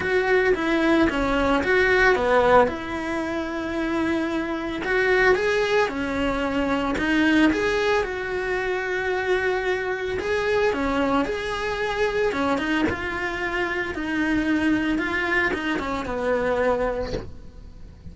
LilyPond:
\new Staff \with { instrumentName = "cello" } { \time 4/4 \tempo 4 = 112 fis'4 e'4 cis'4 fis'4 | b4 e'2.~ | e'4 fis'4 gis'4 cis'4~ | cis'4 dis'4 gis'4 fis'4~ |
fis'2. gis'4 | cis'4 gis'2 cis'8 dis'8 | f'2 dis'2 | f'4 dis'8 cis'8 b2 | }